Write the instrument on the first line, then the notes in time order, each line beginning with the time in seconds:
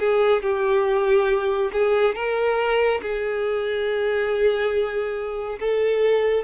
violin
0.00 G#4
0.43 G4
1.73 G#4
2.15 A#4
3.03 G#4
5.60 A4